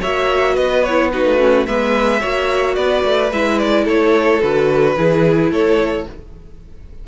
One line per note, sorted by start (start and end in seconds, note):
0.00 0.57 A#3
0.00 0.85 F#4
0.00 0.54 C#5
0.00 0.56 E5
0.54 1.25 B3
0.54 1.09 B4
0.54 0.83 D#5
0.83 1.12 E4
0.83 1.11 C#5
1.12 1.38 D#4
1.12 1.67 F#4
1.12 1.66 B4
1.25 1.66 A3
1.38 1.65 C#4
1.66 2.22 G#3
1.66 2.19 B3
1.66 2.20 B4
1.66 2.75 E5
2.19 2.76 A#3
2.19 3.29 F#4
2.19 2.75 C#5
2.75 3.04 B3
2.75 3.84 B4
2.75 3.30 D5
3.04 3.31 A3
3.31 3.86 G#3
3.31 4.41 E4
3.31 3.58 E5
3.58 3.86 D5
3.84 4.41 A3
3.84 4.94 A4
3.84 4.41 C#5
4.41 4.96 D3
4.41 4.96 F#4
4.41 5.51 B4
4.96 5.50 E3
4.96 6.07 E4
4.96 5.51 G#4
5.50 6.05 A3
5.50 6.07 A4
5.50 6.07 C#5